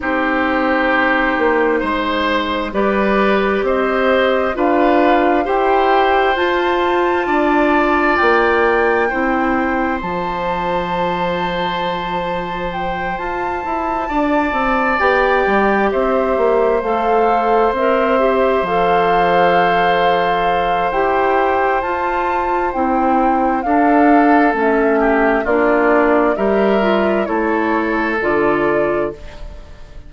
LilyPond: <<
  \new Staff \with { instrumentName = "flute" } { \time 4/4 \tempo 4 = 66 c''2. d''4 | dis''4 f''4 g''4 a''4~ | a''4 g''2 a''4~ | a''2 g''8 a''4.~ |
a''8 g''4 e''4 f''4 e''8~ | e''8 f''2~ f''8 g''4 | a''4 g''4 f''4 e''4 | d''4 e''4 cis''4 d''4 | }
  \new Staff \with { instrumentName = "oboe" } { \time 4/4 g'2 c''4 b'4 | c''4 b'4 c''2 | d''2 c''2~ | c''2.~ c''8 d''8~ |
d''4. c''2~ c''8~ | c''1~ | c''2 a'4. g'8 | f'4 ais'4 a'2 | }
  \new Staff \with { instrumentName = "clarinet" } { \time 4/4 dis'2. g'4~ | g'4 f'4 g'4 f'4~ | f'2 e'4 f'4~ | f'1~ |
f'8 g'2 a'4 ais'8 | g'8 a'2~ a'8 g'4 | f'4 e'4 d'4 cis'4 | d'4 g'8 f'8 e'4 f'4 | }
  \new Staff \with { instrumentName = "bassoon" } { \time 4/4 c'4. ais8 gis4 g4 | c'4 d'4 e'4 f'4 | d'4 ais4 c'4 f4~ | f2~ f8 f'8 e'8 d'8 |
c'8 b8 g8 c'8 ais8 a4 c'8~ | c'8 f2~ f8 e'4 | f'4 c'4 d'4 a4 | ais4 g4 a4 d4 | }
>>